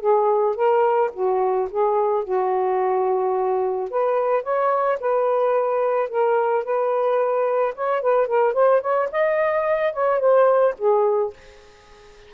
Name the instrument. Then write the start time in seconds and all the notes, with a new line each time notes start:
saxophone
0.00 G#4
0.55 A#4
1.13 F#4
1.70 G#4
2.24 F#4
3.90 B4
4.43 C#5
5.00 B4
6.09 A#4
6.64 B4
7.75 C#5
8.01 B4
8.27 A#4
8.53 C5
8.80 C#5
9.12 D#5
9.93 C#5
10.19 C5
10.78 G#4